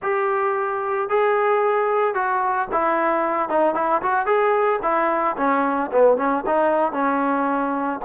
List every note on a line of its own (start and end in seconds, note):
0.02 1.09 G4
1.09 2.14 G#4
2.14 2.68 F#4
2.72 3.49 E4
3.49 3.75 D#4
3.75 4.01 E4
4.02 4.26 F#4
4.26 4.79 G#4
4.82 5.36 E4
5.37 5.91 C#4
5.91 6.17 B3
6.17 6.44 C#4
6.46 6.92 D#4
6.92 7.99 C#4